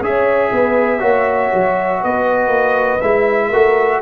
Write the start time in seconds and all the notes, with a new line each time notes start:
0.00 C#4 G#4 C#5 E5
0.51 B3 B4
0.99 A#3 F#4 C#5
1.53 F#3
2.00 B3 B4 D#5
2.48 A#3
3.01 G#3 E4 E5
3.48 A3 F#4 A#4